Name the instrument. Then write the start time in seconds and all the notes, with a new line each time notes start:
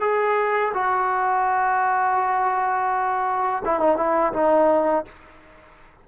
trombone
0.00 G#4
0.73 F#4
3.65 E4
3.80 D#4
3.96 E4
4.32 D#4